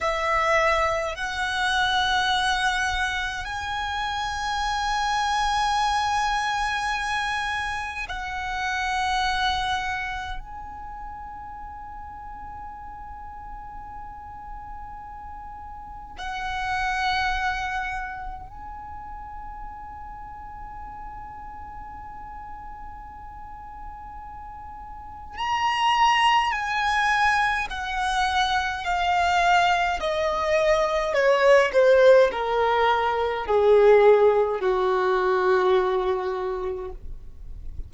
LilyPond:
\new Staff \with { instrumentName = "violin" } { \time 4/4 \tempo 4 = 52 e''4 fis''2 gis''4~ | gis''2. fis''4~ | fis''4 gis''2.~ | gis''2 fis''2 |
gis''1~ | gis''2 ais''4 gis''4 | fis''4 f''4 dis''4 cis''8 c''8 | ais'4 gis'4 fis'2 | }